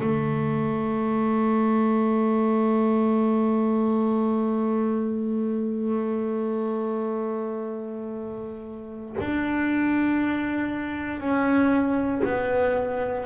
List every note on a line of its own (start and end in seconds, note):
0.00 9.15 A3
9.20 11.20 D4
11.20 12.21 C#4
12.24 13.25 B3